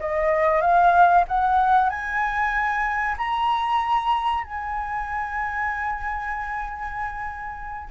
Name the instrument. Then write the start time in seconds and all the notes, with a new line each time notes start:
flute
0.00 D#5
0.62 F5
1.28 F#5
1.90 G#5
3.18 A#5
4.44 G#5